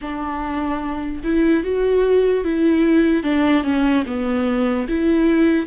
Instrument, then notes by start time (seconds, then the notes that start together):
viola
0.01 D4
1.23 E4
1.63 F#4
2.44 E4
3.23 D4
3.63 C#4
4.06 B3
4.88 E4